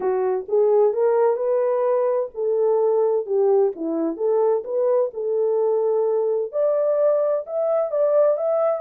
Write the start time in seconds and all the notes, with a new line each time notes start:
0.00 F#4
0.48 G#4
0.93 A#4
1.36 B4
2.34 A4
3.26 G4
3.75 E4
4.16 A4
4.64 B4
5.13 A4
6.52 D5
7.46 E5
7.91 D5
8.37 E5